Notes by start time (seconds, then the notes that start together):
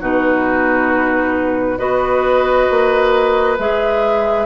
0.00 B2 D#4 F#4 B4
1.78 B3 F#4 B4 D#5
2.70 A#3
3.58 G#3 G#4 E5